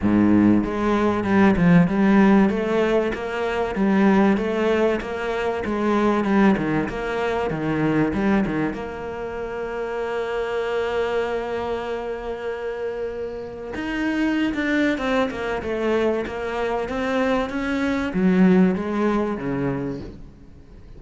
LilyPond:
\new Staff \with { instrumentName = "cello" } { \time 4/4 \tempo 4 = 96 gis,4 gis4 g8 f8 g4 | a4 ais4 g4 a4 | ais4 gis4 g8 dis8 ais4 | dis4 g8 dis8 ais2~ |
ais1~ | ais2 dis'4~ dis'16 d'8. | c'8 ais8 a4 ais4 c'4 | cis'4 fis4 gis4 cis4 | }